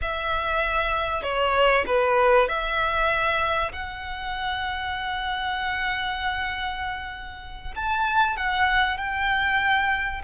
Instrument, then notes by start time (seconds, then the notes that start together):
violin
0.01 E5
1.22 C#5
1.86 B4
2.48 E5
3.72 F#5
7.75 A5
8.37 F#5
8.97 G5